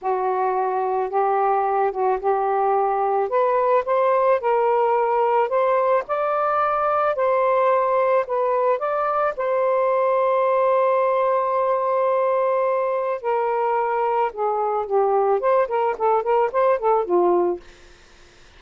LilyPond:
\new Staff \with { instrumentName = "saxophone" } { \time 4/4 \tempo 4 = 109 fis'2 g'4. fis'8 | g'2 b'4 c''4 | ais'2 c''4 d''4~ | d''4 c''2 b'4 |
d''4 c''2.~ | c''1 | ais'2 gis'4 g'4 | c''8 ais'8 a'8 ais'8 c''8 a'8 f'4 | }